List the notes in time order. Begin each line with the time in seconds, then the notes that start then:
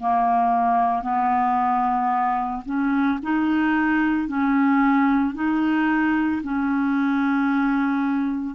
0.00 A#3
1.02 B3
2.66 C#4
3.23 D#4
4.28 C#4
5.35 D#4
6.43 C#4